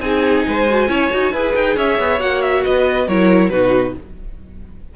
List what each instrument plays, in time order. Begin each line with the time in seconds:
0.00 cello C4, viola D#4, violin G#4 G#5
0.48 cello G#3, violin C5
0.69 viola F#4
0.88 cello C#4, viola E4, violin C#5
1.10 cello D#4, viola F#4
1.32 cello E4, viola G#4, violin B4
1.55 cello D#4, violin G5
1.76 cello C#4, violin C#5 E5
1.99 cello B3
2.19 cello A#3, viola F#4, violin F#5
2.42 violin E5
2.64 cello B3, violin B4 D#5
3.07 cello F#3, viola E4, violin A#4 C#5
3.50 cello B2, viola D#4, violin F#4 B4